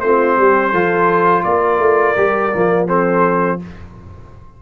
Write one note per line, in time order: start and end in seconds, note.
0.00 0.37 A3
0.00 0.74 C4
0.00 0.38 F4
0.00 1.43 C5
0.37 0.72 G3
0.37 0.71 G4
0.71 1.44 F3
0.71 2.16 F4
0.71 1.43 A4
1.43 1.79 A#3
1.43 2.87 A#4
1.43 2.86 D5
1.79 2.15 A3
2.16 2.53 G3
2.16 2.52 G4
2.53 3.61 F3
2.53 2.87 A#3
2.87 3.59 C4
2.87 3.59 A4
2.87 3.59 C5